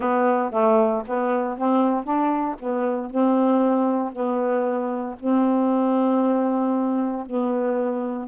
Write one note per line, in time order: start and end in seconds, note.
0.00 0.51 B3
0.51 1.03 A3
1.06 1.57 B3
1.57 2.04 C4
2.04 2.55 D4
2.59 3.10 B3
3.10 4.12 C4
4.12 5.15 B3
5.20 7.26 C4
7.26 8.28 B3